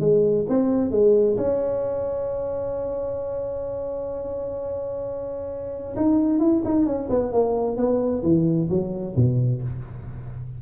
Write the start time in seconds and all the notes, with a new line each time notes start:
0.00 G#3
0.49 C4
0.91 G#3
1.37 C#4
5.96 D#4
6.39 E4
6.65 D#4
6.86 C#4
7.10 B3
7.32 A#3
7.76 B3
8.23 E3
8.69 F#3
9.16 B2